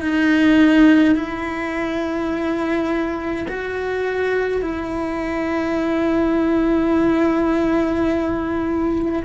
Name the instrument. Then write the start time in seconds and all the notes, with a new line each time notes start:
cello
0.00 D#4
1.15 E4
3.48 F#4
4.62 E4